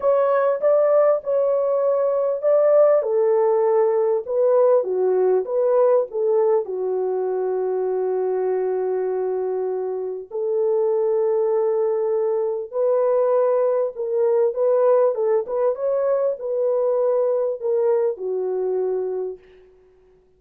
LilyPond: \new Staff \with { instrumentName = "horn" } { \time 4/4 \tempo 4 = 99 cis''4 d''4 cis''2 | d''4 a'2 b'4 | fis'4 b'4 a'4 fis'4~ | fis'1~ |
fis'4 a'2.~ | a'4 b'2 ais'4 | b'4 a'8 b'8 cis''4 b'4~ | b'4 ais'4 fis'2 | }